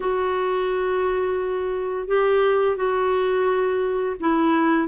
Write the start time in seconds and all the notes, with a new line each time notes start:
0.00 F#4
2.07 G4
2.76 F#4
4.20 E4